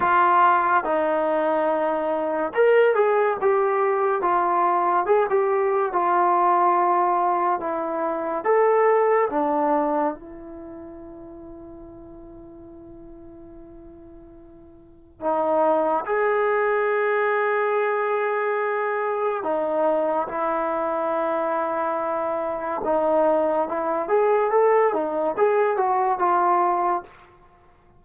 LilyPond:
\new Staff \with { instrumentName = "trombone" } { \time 4/4 \tempo 4 = 71 f'4 dis'2 ais'8 gis'8 | g'4 f'4 gis'16 g'8. f'4~ | f'4 e'4 a'4 d'4 | e'1~ |
e'2 dis'4 gis'4~ | gis'2. dis'4 | e'2. dis'4 | e'8 gis'8 a'8 dis'8 gis'8 fis'8 f'4 | }